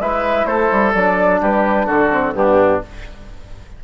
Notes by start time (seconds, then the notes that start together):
0.00 G#3 E4 B4 E5
0.45 A3 A4 C5
0.72 G3
0.94 F#3 D4 D5
1.41 G3 G4 B4
1.86 D3 F#4 A4
2.11 C4
2.34 G2 B3 D4 G4